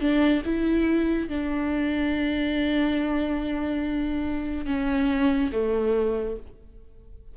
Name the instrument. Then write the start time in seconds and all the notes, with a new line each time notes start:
viola
0.00 D4
0.45 E4
1.29 D4
4.66 C#4
5.52 A3